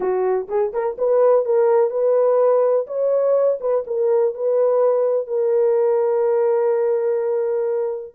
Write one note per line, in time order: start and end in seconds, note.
0.00 0.47 F#4
0.48 0.72 G#4
0.72 0.96 A#4
0.98 1.45 B4
1.45 1.90 A#4
1.90 2.86 B4
2.86 3.58 C#5
3.60 3.84 B4
3.86 4.34 A#4
4.34 5.27 B4
5.27 8.14 A#4